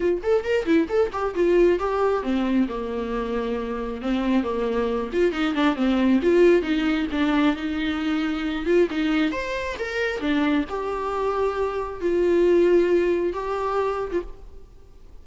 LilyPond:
\new Staff \with { instrumentName = "viola" } { \time 4/4 \tempo 4 = 135 f'8 a'8 ais'8 e'8 a'8 g'8 f'4 | g'4 c'4 ais2~ | ais4 c'4 ais4. f'8 | dis'8 d'8 c'4 f'4 dis'4 |
d'4 dis'2~ dis'8 f'8 | dis'4 c''4 ais'4 d'4 | g'2. f'4~ | f'2 g'4.~ g'16 f'16 | }